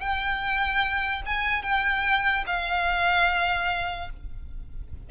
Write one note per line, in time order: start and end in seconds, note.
0.00 1.22 G5
1.26 1.63 G#5
1.63 2.44 G5
2.47 4.10 F5